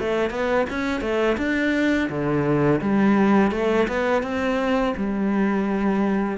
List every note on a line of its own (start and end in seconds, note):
0.00 0.31 A3
0.31 0.66 B3
0.70 1.01 C#4
1.01 1.37 A3
1.38 2.09 D4
2.10 2.81 D3
2.81 3.52 G3
3.52 3.88 A3
3.88 4.23 B3
4.23 4.94 C4
4.97 6.38 G3